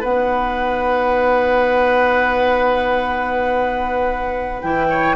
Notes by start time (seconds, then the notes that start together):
0.00 B3 D#4 B4 F#5
4.62 E3 E4 G5
4.89 C#5